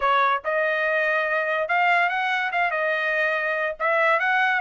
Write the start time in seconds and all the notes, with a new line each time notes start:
0.00 C#5
0.44 D#5
1.68 F5
2.09 F#5
2.52 F5
2.71 D#5
3.79 E5
4.19 F#5